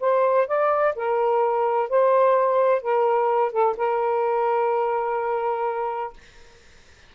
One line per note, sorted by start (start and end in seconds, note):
0.00 0.47 C5
0.47 0.94 D5
0.96 1.89 A#4
1.89 2.82 C5
2.82 3.52 A#4
3.52 3.76 A4
3.77 6.13 A#4